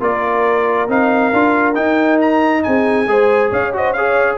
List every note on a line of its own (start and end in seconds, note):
0.00 0.89 A#3
0.00 0.88 F4
0.00 2.63 A#4
0.00 0.90 D5
0.89 1.32 C4
0.89 1.33 D#4
0.89 1.75 F5
1.33 1.76 D4
1.33 1.75 F4
1.75 3.06 D#4
1.75 2.64 D#4
1.75 2.19 G5
2.21 2.64 A#5
2.64 3.08 C4
2.64 3.11 G#4
2.64 3.51 G#5
3.08 3.51 G#3
3.08 3.73 G#4
3.08 3.51 C5
3.51 4.38 C#4
3.51 3.73 C#5
3.51 3.74 F5
3.73 3.95 F#4
3.73 3.97 C5
3.73 3.93 D#5
3.93 4.38 G#4
3.93 4.38 C#5
3.93 4.37 F5